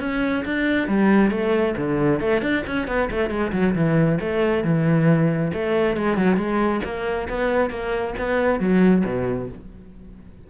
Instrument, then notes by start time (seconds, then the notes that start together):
cello
0.00 C#4
0.45 D4
0.88 G3
1.31 A3
1.77 D3
2.20 A3
2.42 D4
2.67 C#4
2.88 B3
3.11 A3
3.30 G#3
3.53 F#3
3.75 E3
4.21 A3
4.64 E3
5.54 A3
5.97 G#3
6.17 F#3
6.37 G#3
6.84 A#3
7.29 B3
7.70 A#3
8.18 B3
8.60 F#3
9.05 B2